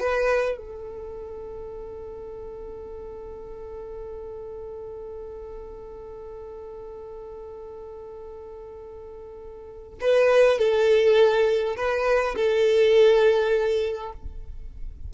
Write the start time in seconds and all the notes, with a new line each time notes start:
0.00 B4
0.57 A4
10.01 B4
10.59 A4
11.76 B4
12.36 A4